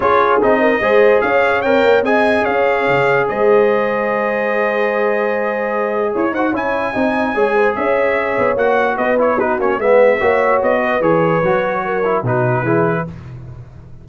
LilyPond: <<
  \new Staff \with { instrumentName = "trumpet" } { \time 4/4 \tempo 4 = 147 cis''4 dis''2 f''4 | g''4 gis''4 f''2 | dis''1~ | dis''2. cis''8 fis''8 |
gis''2. e''4~ | e''4 fis''4 dis''8 cis''8 b'8 cis''8 | e''2 dis''4 cis''4~ | cis''2 b'2 | }
  \new Staff \with { instrumentName = "horn" } { \time 4/4 gis'4. ais'8 c''4 cis''4~ | cis''4 dis''4 cis''2 | c''1~ | c''2. cis''8 c''8 |
cis''4 dis''4 cis''8 c''8 cis''4~ | cis''2 b'4 fis'4 | b'4 cis''4. b'4.~ | b'4 ais'4 fis'4 gis'4 | }
  \new Staff \with { instrumentName = "trombone" } { \time 4/4 f'4 dis'4 gis'2 | ais'4 gis'2.~ | gis'1~ | gis'2.~ gis'8 fis'8 |
e'4 dis'4 gis'2~ | gis'4 fis'4. e'8 dis'8 cis'8 | b4 fis'2 gis'4 | fis'4. e'8 dis'4 e'4 | }
  \new Staff \with { instrumentName = "tuba" } { \time 4/4 cis'4 c'4 gis4 cis'4 | c'8 ais8 c'4 cis'4 cis4 | gis1~ | gis2. e'8 dis'8 |
cis'4 c'4 gis4 cis'4~ | cis'8 b8 ais4 b4. ais8 | gis4 ais4 b4 e4 | fis2 b,4 e4 | }
>>